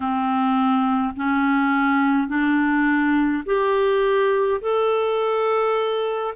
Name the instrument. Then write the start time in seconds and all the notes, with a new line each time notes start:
clarinet
0.00 C4
1.16 C#4
2.28 D4
3.45 G4
4.61 A4